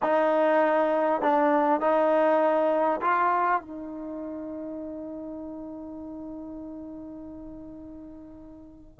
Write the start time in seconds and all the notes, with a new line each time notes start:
0.02 D#4
1.21 D4
1.80 D#4
3.01 F4
3.61 D#4